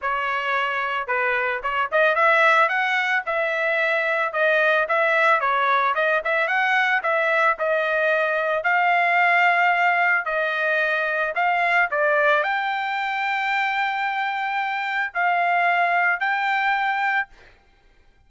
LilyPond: \new Staff \with { instrumentName = "trumpet" } { \time 4/4 \tempo 4 = 111 cis''2 b'4 cis''8 dis''8 | e''4 fis''4 e''2 | dis''4 e''4 cis''4 dis''8 e''8 | fis''4 e''4 dis''2 |
f''2. dis''4~ | dis''4 f''4 d''4 g''4~ | g''1 | f''2 g''2 | }